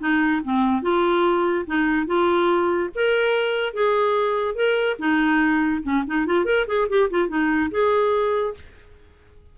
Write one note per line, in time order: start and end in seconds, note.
0.00 0.42 D#4
0.44 0.82 C4
0.82 1.66 F4
1.67 2.07 D#4
2.07 2.90 F4
2.95 3.74 A#4
3.74 4.55 G#4
4.55 4.97 A#4
4.99 5.83 D#4
5.83 6.04 C#4
6.07 6.26 D#4
6.26 6.45 F4
6.45 6.66 A#4
6.67 6.88 G#4
6.89 7.10 G4
7.11 7.29 F4
7.29 7.70 D#4
7.71 8.54 G#4